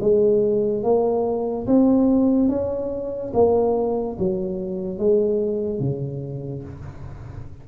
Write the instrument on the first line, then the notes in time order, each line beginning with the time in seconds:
tuba
0.00 G#3
0.83 A#3
1.67 C4
2.48 C#4
3.33 A#3
4.19 F#3
4.98 G#3
5.79 C#3